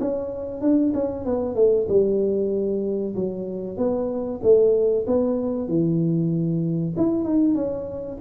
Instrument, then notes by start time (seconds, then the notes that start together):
tuba
0.00 C#4
0.61 D4
0.94 C#4
1.25 B3
1.55 A3
1.89 G3
3.15 F#3
3.78 B3
4.43 A3
5.07 B3
5.68 E3
6.97 E4
7.24 D#4
7.55 C#4